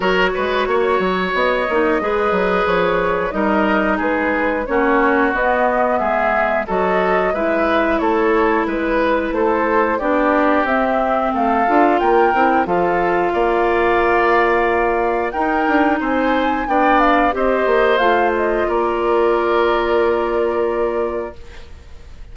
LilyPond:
<<
  \new Staff \with { instrumentName = "flute" } { \time 4/4 \tempo 4 = 90 cis''2 dis''2 | cis''4 dis''4 b'4 cis''4 | dis''4 e''4 dis''4 e''4 | cis''4 b'4 c''4 d''4 |
e''4 f''4 g''4 f''4~ | f''2. g''4 | gis''4 g''8 f''8 dis''4 f''8 dis''8 | d''1 | }
  \new Staff \with { instrumentName = "oboe" } { \time 4/4 ais'8 b'8 cis''2 b'4~ | b'4 ais'4 gis'4 fis'4~ | fis'4 gis'4 a'4 b'4 | a'4 b'4 a'4 g'4~ |
g'4 a'4 ais'4 a'4 | d''2. ais'4 | c''4 d''4 c''2 | ais'1 | }
  \new Staff \with { instrumentName = "clarinet" } { \time 4/4 fis'2~ fis'8 dis'8 gis'4~ | gis'4 dis'2 cis'4 | b2 fis'4 e'4~ | e'2. d'4 |
c'4. f'4 e'8 f'4~ | f'2. dis'4~ | dis'4 d'4 g'4 f'4~ | f'1 | }
  \new Staff \with { instrumentName = "bassoon" } { \time 4/4 fis8 gis8 ais8 fis8 b8 ais8 gis8 fis8 | f4 g4 gis4 ais4 | b4 gis4 fis4 gis4 | a4 gis4 a4 b4 |
c'4 a8 d'8 ais8 c'8 f4 | ais2. dis'8 d'8 | c'4 b4 c'8 ais8 a4 | ais1 | }
>>